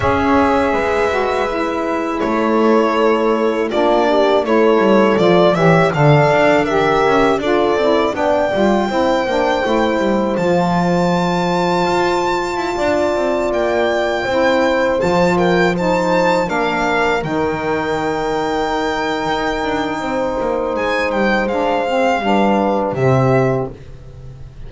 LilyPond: <<
  \new Staff \with { instrumentName = "violin" } { \time 4/4 \tempo 4 = 81 e''2. cis''4~ | cis''4 d''4 cis''4 d''8 e''8 | f''4 e''4 d''4 g''4~ | g''2 a''2~ |
a''2~ a''16 g''4.~ g''16~ | g''16 a''8 g''8 a''4 f''4 g''8.~ | g''1 | gis''8 g''8 f''2 e''4 | }
  \new Staff \with { instrumentName = "horn" } { \time 4/4 cis''4 b'2 a'4~ | a'4 f'8 g'8 a'4. cis''8 | d''4 ais'4 a'4 d''4 | c''1~ |
c''4~ c''16 d''2 c''8.~ | c''8. ais'8 c''4 ais'4.~ ais'16~ | ais'2. c''4~ | c''2 b'4 g'4 | }
  \new Staff \with { instrumentName = "saxophone" } { \time 4/4 gis'4. fis'8 e'2~ | e'4 d'4 e'4 f'8 g'8 | a'4 g'4 f'8 e'8 d'8 f'8 | e'8 d'8 e'4 f'2~ |
f'2.~ f'16 e'8.~ | e'16 f'4 dis'4 d'4 dis'8.~ | dis'1~ | dis'4 d'8 c'8 d'4 c'4 | }
  \new Staff \with { instrumentName = "double bass" } { \time 4/4 cis'4 gis2 a4~ | a4 ais4 a8 g8 f8 e8 | d8 d'4 cis'8 d'8 c'8 b8 g8 | c'8 ais8 a8 g8 f2 |
f'4 e'16 d'8 c'8 ais4 c'8.~ | c'16 f2 ais4 dis8.~ | dis2 dis'8 d'8 c'8 ais8 | gis8 g8 gis4 g4 c4 | }
>>